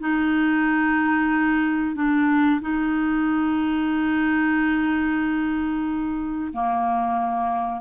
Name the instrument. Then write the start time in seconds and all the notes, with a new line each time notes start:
clarinet
0.00 D#4
1.95 D4
2.61 D#4
6.53 A#3